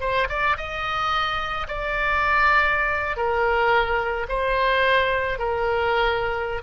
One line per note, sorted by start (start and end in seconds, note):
0.00 0.28 C5
0.29 0.56 D5
0.57 1.67 D#5
1.68 3.17 D5
3.17 4.27 A#4
4.28 5.38 C5
5.38 6.62 A#4